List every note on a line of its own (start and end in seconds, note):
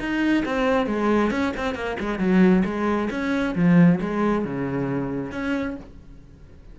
0.00 0.44 D#4
0.45 0.87 C4
0.87 1.31 G#3
1.31 1.53 C#4
1.57 1.75 C4
1.75 1.97 A#3
2.00 2.19 G#3
2.19 2.64 F#3
2.65 3.10 G#3
3.11 3.55 C#4
3.56 4.00 F3
4.01 4.45 G#3
4.45 5.32 C#3
5.32 5.77 C#4